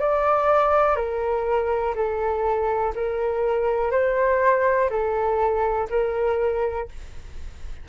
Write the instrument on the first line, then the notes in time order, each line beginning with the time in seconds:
flute
0.00 D5
0.96 A#4
1.95 A4
2.96 A#4
3.91 C5
4.90 A4
5.91 A#4